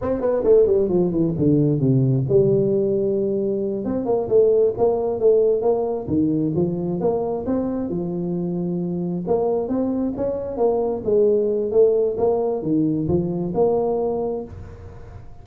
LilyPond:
\new Staff \with { instrumentName = "tuba" } { \time 4/4 \tempo 4 = 133 c'8 b8 a8 g8 f8 e8 d4 | c4 g2.~ | g8 c'8 ais8 a4 ais4 a8~ | a8 ais4 dis4 f4 ais8~ |
ais8 c'4 f2~ f8~ | f8 ais4 c'4 cis'4 ais8~ | ais8 gis4. a4 ais4 | dis4 f4 ais2 | }